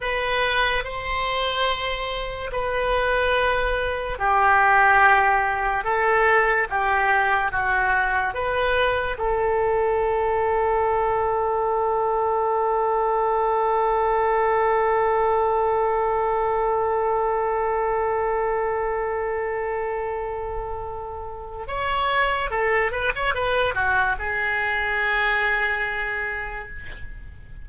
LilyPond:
\new Staff \with { instrumentName = "oboe" } { \time 4/4 \tempo 4 = 72 b'4 c''2 b'4~ | b'4 g'2 a'4 | g'4 fis'4 b'4 a'4~ | a'1~ |
a'1~ | a'1~ | a'2 cis''4 a'8 b'16 cis''16 | b'8 fis'8 gis'2. | }